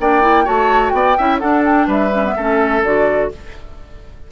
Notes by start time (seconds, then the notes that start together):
0.00 A#3 D4 D5 G5
0.22 E4
0.44 A3 F#4 C#5 A5
0.90 B3 D5 G5
1.18 C#4 E4 E5
1.39 D4 A4 F#5
1.65 G5
1.87 G3 B4 E5
2.13 C#4
2.25 B3
2.37 A3 C#4 A4
2.84 D3 F#4 D5